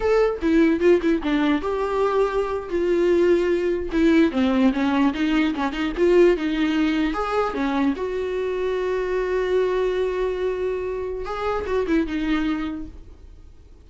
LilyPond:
\new Staff \with { instrumentName = "viola" } { \time 4/4 \tempo 4 = 149 a'4 e'4 f'8 e'8 d'4 | g'2~ g'8. f'4~ f'16~ | f'4.~ f'16 e'4 c'4 cis'16~ | cis'8. dis'4 cis'8 dis'8 f'4 dis'16~ |
dis'4.~ dis'16 gis'4 cis'4 fis'16~ | fis'1~ | fis'1 | gis'4 fis'8 e'8 dis'2 | }